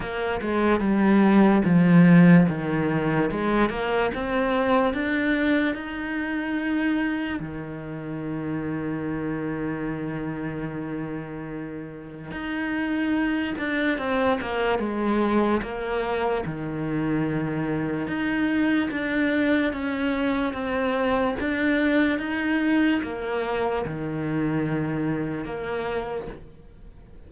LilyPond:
\new Staff \with { instrumentName = "cello" } { \time 4/4 \tempo 4 = 73 ais8 gis8 g4 f4 dis4 | gis8 ais8 c'4 d'4 dis'4~ | dis'4 dis2.~ | dis2. dis'4~ |
dis'8 d'8 c'8 ais8 gis4 ais4 | dis2 dis'4 d'4 | cis'4 c'4 d'4 dis'4 | ais4 dis2 ais4 | }